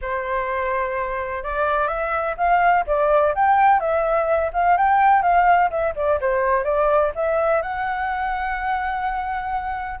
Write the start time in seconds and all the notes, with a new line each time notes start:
0.01 C5
1.43 D5
1.87 E5
2.37 F5
2.86 D5
3.35 G5
3.80 E5
4.53 F5
4.77 G5
5.22 F5
5.70 E5
5.95 D5
6.20 C5
6.64 D5
7.15 E5
7.62 F#5